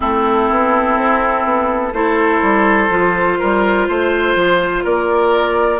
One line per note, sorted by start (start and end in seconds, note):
0.00 0.50 A3
0.00 1.93 C4
0.00 1.93 E4
0.00 1.93 A4
0.50 0.97 B3
0.97 1.44 C4
1.44 1.92 B3
1.92 2.41 A3
1.92 2.89 E4
1.92 3.39 A4
1.92 4.84 C5
2.42 2.89 G3
2.89 3.37 F3
2.89 5.80 F4
3.39 3.88 G3
3.39 3.87 A#4
3.88 4.35 A3
3.88 4.83 C5
4.35 4.83 F3
4.83 5.80 A#3
4.83 5.80 A#4
4.83 5.80 D5